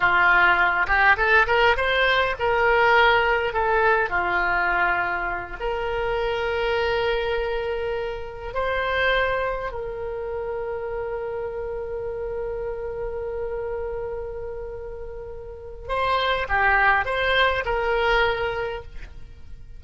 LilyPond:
\new Staff \with { instrumentName = "oboe" } { \time 4/4 \tempo 4 = 102 f'4. g'8 a'8 ais'8 c''4 | ais'2 a'4 f'4~ | f'4. ais'2~ ais'8~ | ais'2~ ais'8 c''4.~ |
c''8 ais'2.~ ais'8~ | ais'1~ | ais'2. c''4 | g'4 c''4 ais'2 | }